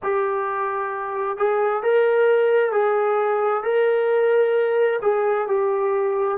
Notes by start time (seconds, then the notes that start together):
0.02 G4
1.37 G#4
1.82 A#4
2.72 G#4
3.63 A#4
5.02 G#4
5.47 G4